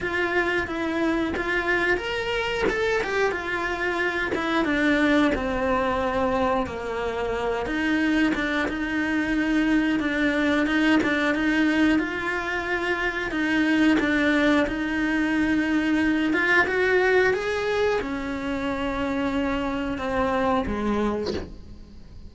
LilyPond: \new Staff \with { instrumentName = "cello" } { \time 4/4 \tempo 4 = 90 f'4 e'4 f'4 ais'4 | a'8 g'8 f'4. e'8 d'4 | c'2 ais4. dis'8~ | dis'8 d'8 dis'2 d'4 |
dis'8 d'8 dis'4 f'2 | dis'4 d'4 dis'2~ | dis'8 f'8 fis'4 gis'4 cis'4~ | cis'2 c'4 gis4 | }